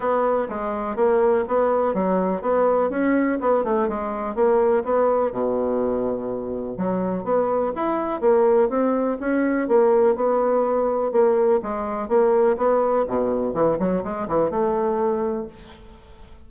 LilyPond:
\new Staff \with { instrumentName = "bassoon" } { \time 4/4 \tempo 4 = 124 b4 gis4 ais4 b4 | fis4 b4 cis'4 b8 a8 | gis4 ais4 b4 b,4~ | b,2 fis4 b4 |
e'4 ais4 c'4 cis'4 | ais4 b2 ais4 | gis4 ais4 b4 b,4 | e8 fis8 gis8 e8 a2 | }